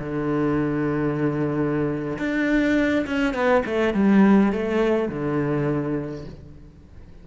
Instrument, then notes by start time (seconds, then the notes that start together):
cello
0.00 D3
2.19 D4
3.07 C#4
3.34 B3
3.66 A3
3.94 G3
4.53 A3
5.09 D3